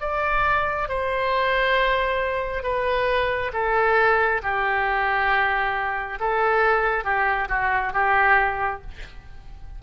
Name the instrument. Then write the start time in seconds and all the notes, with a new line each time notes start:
oboe
0.00 D5
0.89 C5
2.63 B4
3.53 A4
4.42 G4
6.20 A4
7.04 G4
7.48 F#4
7.93 G4